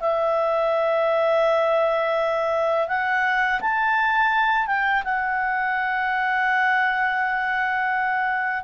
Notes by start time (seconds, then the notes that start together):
0.00 E5
2.88 F#5
3.61 A5
4.67 G5
5.05 F#5